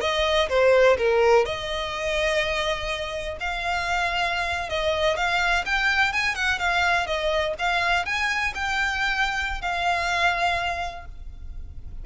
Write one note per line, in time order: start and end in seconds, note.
0.00 0.48 D#5
0.49 0.97 C5
0.97 1.45 A#4
1.45 3.37 D#5
3.40 4.69 F5
4.69 5.16 D#5
5.16 5.64 F5
5.65 6.12 G5
6.12 6.35 G#5
6.35 6.59 F#5
6.59 7.06 F5
7.06 7.54 D#5
7.58 8.05 F5
8.05 8.53 G#5
8.54 9.61 G5
9.61 11.05 F5